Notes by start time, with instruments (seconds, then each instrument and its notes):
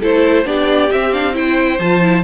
0.00 cello A3, viola E4, violin A4 C5
0.45 cello B3, viola D4, violin G4 D5
0.92 viola C4, cello C4, violin E5
1.13 viola D4, violin F5
1.33 viola E4, violin C5 G5
1.79 cello F3, viola F4, violin A5
2.02 viola E4